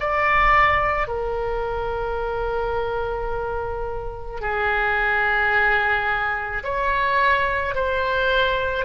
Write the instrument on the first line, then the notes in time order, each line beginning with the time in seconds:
oboe
0.00 D5
1.08 A#4
4.41 G#4
6.64 C#5
7.75 C5